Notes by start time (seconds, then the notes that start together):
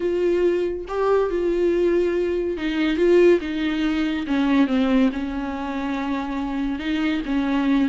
0.00 F4
0.88 G4
1.30 F4
2.57 D#4
2.97 F4
3.40 D#4
4.27 C#4
4.67 C4
5.12 C#4
6.79 D#4
7.25 C#4